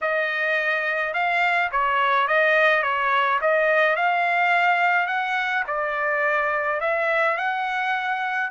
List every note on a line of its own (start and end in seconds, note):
0.01 1.13 D#5
1.13 1.70 F5
1.71 2.27 C#5
2.27 2.83 D#5
2.83 3.39 C#5
3.41 3.95 D#5
3.95 5.07 F5
5.07 5.63 F#5
5.67 6.80 D5
6.80 7.37 E5
7.37 8.50 F#5